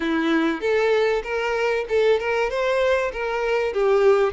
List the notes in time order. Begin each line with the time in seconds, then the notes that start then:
0.00 E4
0.60 A4
1.23 A#4
1.88 A4
2.19 A#4
2.49 C5
3.12 A#4
3.73 G4